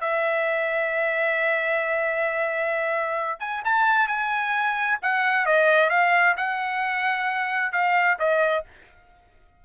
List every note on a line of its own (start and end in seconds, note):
0.00 3.39 E5
3.39 3.62 G#5
3.64 4.07 A5
4.07 4.98 G#5
5.02 5.46 F#5
5.46 5.90 D#5
5.90 6.35 F5
6.37 7.72 F#5
7.72 8.18 F5
8.19 8.64 D#5